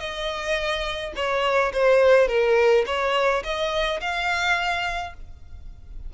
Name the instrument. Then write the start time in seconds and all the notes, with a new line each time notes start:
violin
0.00 D#5
1.16 C#5
1.73 C5
2.28 A#4
2.86 C#5
3.44 D#5
4.01 F5